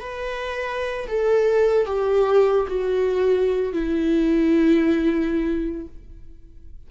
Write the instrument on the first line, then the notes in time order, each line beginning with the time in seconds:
viola
0.00 B4
1.07 A4
1.86 G4
2.67 F#4
3.73 E4